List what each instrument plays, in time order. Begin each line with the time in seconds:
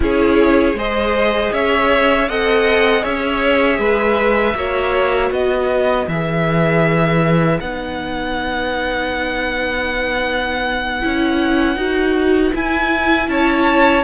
0.00 cello C#4, viola E4, violin G#4 C#5
0.73 cello G#3, viola G#4, violin C5 D#5
1.52 cello C#4, violin C#5 E5
2.28 cello C4, viola A4, violin D#5 F#5
3.00 cello C#4, viola G#4, violin C#5 E5
3.78 cello G#3, violin B4
4.55 cello A#3, viola F#4, violin C#5
5.30 cello B3, violin B4 D#5
6.07 cello E3, viola G#4, violin E5
7.60 cello B3, viola D#4, violin F#5
11.01 cello C#4, viola E4
11.75 cello D#4, viola F#4
12.52 viola E4, cello E4, violin G#5
13.28 cello C#4, violin C#5 A5